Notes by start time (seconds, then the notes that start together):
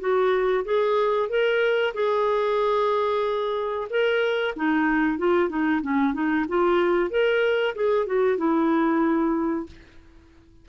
0.00 F#4
0.65 G#4
1.29 A#4
1.94 G#4
3.90 A#4
4.56 D#4
5.18 F4
5.49 D#4
5.82 C#4
6.14 D#4
6.49 F4
7.11 A#4
7.75 G#4
8.07 F#4
8.38 E4